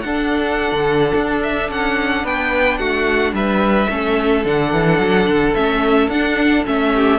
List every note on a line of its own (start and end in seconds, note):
0.00 0.72 D4
0.00 2.24 A4
0.00 1.38 F#5
0.06 3.89 D4
0.72 1.13 D3
1.14 1.69 D4
1.43 1.70 E5
1.69 2.24 C#4
1.69 2.26 F#5
2.24 2.79 B3
2.24 2.79 B4
2.24 2.78 G5
2.78 3.32 A3
2.78 3.34 F#4
2.78 3.33 F#5
3.32 3.87 G3
3.32 3.90 B4
3.32 4.46 E5
3.89 4.45 A3
3.89 4.44 C#4
3.89 6.92 A4
4.45 4.72 D3
4.45 5.55 D4
4.45 5.54 F#5
4.72 4.99 E3
4.99 5.26 F#3
5.27 5.54 D3
5.54 6.08 A3
5.54 6.11 C#4
5.54 6.09 E5
6.08 6.63 D4
6.08 6.65 F#5
6.14 6.66 D4
6.66 7.19 A3
6.66 7.19 C#4
6.66 7.19 E5
6.95 7.19 G4